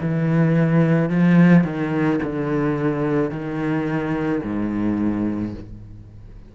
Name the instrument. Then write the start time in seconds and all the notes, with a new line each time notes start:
cello
0.00 E3
1.09 F3
1.64 D#3
2.23 D3
3.30 D#3
4.43 G#2